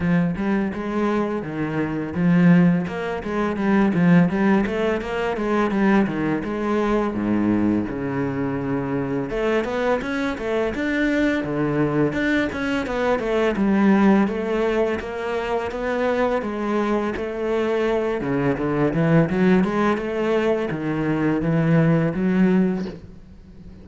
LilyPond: \new Staff \with { instrumentName = "cello" } { \time 4/4 \tempo 4 = 84 f8 g8 gis4 dis4 f4 | ais8 gis8 g8 f8 g8 a8 ais8 gis8 | g8 dis8 gis4 gis,4 cis4~ | cis4 a8 b8 cis'8 a8 d'4 |
d4 d'8 cis'8 b8 a8 g4 | a4 ais4 b4 gis4 | a4. cis8 d8 e8 fis8 gis8 | a4 dis4 e4 fis4 | }